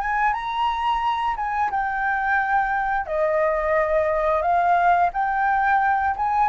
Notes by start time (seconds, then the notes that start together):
0.00 G#5
0.33 A#5
1.36 G#5
1.71 G5
3.06 D#5
4.42 F5
5.13 G5
6.16 G#5